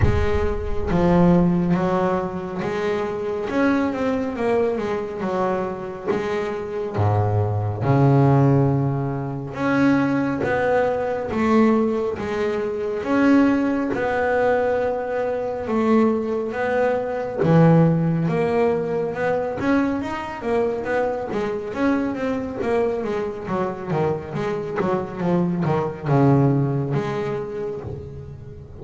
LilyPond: \new Staff \with { instrumentName = "double bass" } { \time 4/4 \tempo 4 = 69 gis4 f4 fis4 gis4 | cis'8 c'8 ais8 gis8 fis4 gis4 | gis,4 cis2 cis'4 | b4 a4 gis4 cis'4 |
b2 a4 b4 | e4 ais4 b8 cis'8 dis'8 ais8 | b8 gis8 cis'8 c'8 ais8 gis8 fis8 dis8 | gis8 fis8 f8 dis8 cis4 gis4 | }